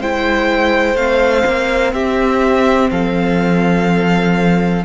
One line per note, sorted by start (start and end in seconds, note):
0.00 0.95 G#3
0.00 0.97 E4
0.00 1.94 C5
0.00 0.97 G5
0.95 1.44 A3
0.95 4.84 C4
0.95 1.94 F5
1.47 1.93 A#3
1.93 2.90 C4
1.93 2.90 G4
1.93 2.91 E5
2.91 4.84 F3
2.91 4.85 A4
2.91 4.85 F5